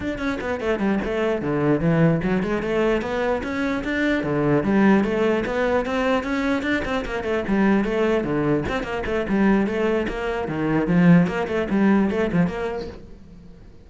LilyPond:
\new Staff \with { instrumentName = "cello" } { \time 4/4 \tempo 4 = 149 d'8 cis'8 b8 a8 g8 a4 d8~ | d8 e4 fis8 gis8 a4 b8~ | b8 cis'4 d'4 d4 g8~ | g8 a4 b4 c'4 cis'8~ |
cis'8 d'8 c'8 ais8 a8 g4 a8~ | a8 d4 c'8 ais8 a8 g4 | a4 ais4 dis4 f4 | ais8 a8 g4 a8 f8 ais4 | }